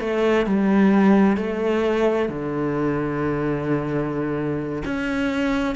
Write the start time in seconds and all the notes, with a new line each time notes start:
0.00 A3
0.46 G3
1.36 A3
2.29 D3
4.85 C#4